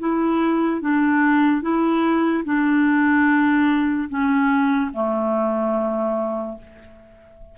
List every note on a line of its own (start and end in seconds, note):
0.00 0.81 E4
0.81 1.62 D4
1.62 2.44 E4
2.45 4.09 D4
4.09 4.92 C#4
4.94 6.58 A3